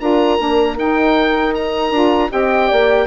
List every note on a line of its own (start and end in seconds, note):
0.00 0.39 D4
0.00 0.38 F4
0.00 2.32 A#4
0.00 0.77 A#5
0.38 0.78 A#3
0.38 0.77 D4
0.78 1.91 D#4
0.78 1.94 D#4
0.78 1.55 G5
1.55 2.32 A#5
1.91 2.29 D4
1.91 2.29 F4
2.29 2.71 C4
2.29 3.06 G4
2.29 2.69 D#5
2.29 3.07 G5
2.69 3.07 A#3
2.69 3.07 D5